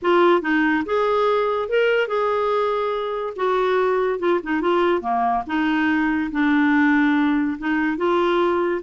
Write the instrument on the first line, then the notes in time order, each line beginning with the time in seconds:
clarinet
0.02 F4
0.41 D#4
0.85 G#4
1.69 A#4
2.07 G#4
3.35 F#4
4.19 F4
4.43 D#4
4.61 F4
5.01 A#3
5.46 D#4
6.31 D4
7.58 D#4
7.97 F4